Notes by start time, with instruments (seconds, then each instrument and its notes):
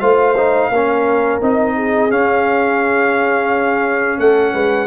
0.00 tuba A3, trombone F4, horn C5, trumpet F5
0.37 trombone D#4
0.70 tuba A#3, trombone C#4, horn A#4
1.41 tuba C4, trombone D#4, trumpet D#5
1.76 horn G#4
2.10 trombone C#4, tuba C#4, trumpet F5
4.19 tuba A3, horn A4, trumpet F#5
4.54 tuba G#3, horn B4